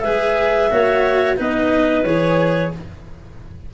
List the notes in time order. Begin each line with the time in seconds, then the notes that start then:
0.00 G#3 G#4 B4 E5
0.71 A#3 F#4 C#5
1.37 B3 D#4 B4 D#5
2.04 E3 G#4 C#5